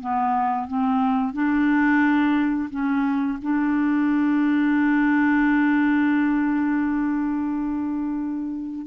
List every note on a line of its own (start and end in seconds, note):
0.00 0.67 B3
0.67 1.33 C4
1.33 2.69 D4
2.70 3.38 C#4
3.42 8.86 D4